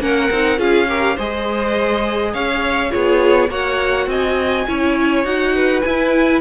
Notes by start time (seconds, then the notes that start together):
0.00 A#3 C#4 A#4 F#5
0.31 C4 D#4
0.57 C#4 F4 G#4 F5
0.88 G4 A#4
1.15 G#3 G#4 C5 D#5
2.34 C#4 C#5 F5
2.90 B3 F4 G#4 C#5
3.49 A#3 F#4 C#5 F#5
4.06 C4 D#5 G#5
4.68 C#4 E4 C#5
5.24 D#4 F#4 F#5
5.55 B4
5.81 E4 G#5